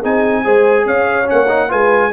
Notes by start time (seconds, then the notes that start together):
0.00 C4 D#4 G#4 G#5
0.44 G#3 G#4 C5
0.85 C#4 C#5 F5
1.25 C#4 F#5
1.32 A#3
1.48 D#4
1.69 G#3 F4 B4 G#5